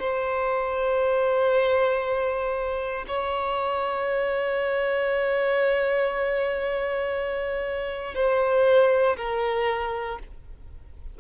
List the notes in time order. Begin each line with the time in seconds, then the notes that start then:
0.00 C5
3.07 C#5
8.15 C5
9.17 A#4